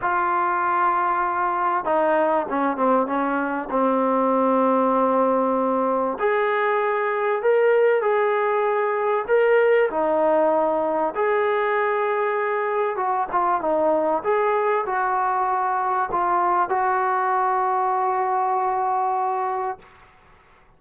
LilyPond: \new Staff \with { instrumentName = "trombone" } { \time 4/4 \tempo 4 = 97 f'2. dis'4 | cis'8 c'8 cis'4 c'2~ | c'2 gis'2 | ais'4 gis'2 ais'4 |
dis'2 gis'2~ | gis'4 fis'8 f'8 dis'4 gis'4 | fis'2 f'4 fis'4~ | fis'1 | }